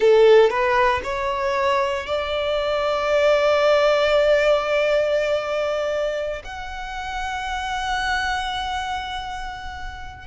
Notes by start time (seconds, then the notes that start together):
0.00 A4
0.50 B4
1.03 C#5
2.06 D5
6.44 F#5